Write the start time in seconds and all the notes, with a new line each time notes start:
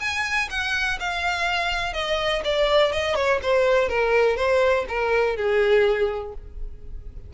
0.00 G#5
0.50 F#5
1.00 F5
1.93 D#5
2.44 D5
2.92 D#5
3.15 C#5
3.43 C5
3.89 A#4
4.36 C5
4.88 A#4
5.36 G#4